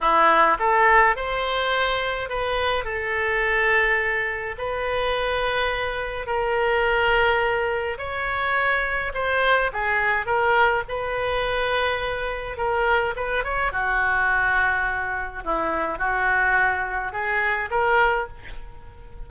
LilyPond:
\new Staff \with { instrumentName = "oboe" } { \time 4/4 \tempo 4 = 105 e'4 a'4 c''2 | b'4 a'2. | b'2. ais'4~ | ais'2 cis''2 |
c''4 gis'4 ais'4 b'4~ | b'2 ais'4 b'8 cis''8 | fis'2. e'4 | fis'2 gis'4 ais'4 | }